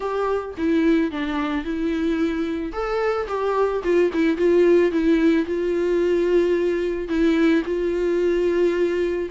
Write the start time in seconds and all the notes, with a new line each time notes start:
0.00 G4
0.57 E4
1.11 D4
1.64 E4
2.72 A4
3.27 G4
3.83 F4
4.13 E4
4.37 F4
4.91 E4
5.45 F4
7.08 E4
7.65 F4